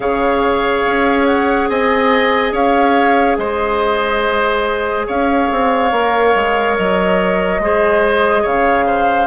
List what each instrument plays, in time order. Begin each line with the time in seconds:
0.00 bassoon C#3, clarinet G#4, oboe C#5, flute F5
0.86 bassoon C#4
1.25 flute F#5
1.69 bassoon C4, oboe D#5, flute G#5
2.52 bassoon C#4, oboe C#5, flute F5
3.37 bassoon G#3, oboe C5, flute D#5
5.06 bassoon C#4, oboe C#5, flute F5
5.51 bassoon C4
5.91 bassoon A#3, clarinet A#4
6.35 bassoon G#3
6.77 bassoon F#3, flute D#5
7.59 bassoon G#3, clarinet G#4, oboe C5
8.42 bassoon C#3, oboe C#5, flute F5
8.86 oboe C5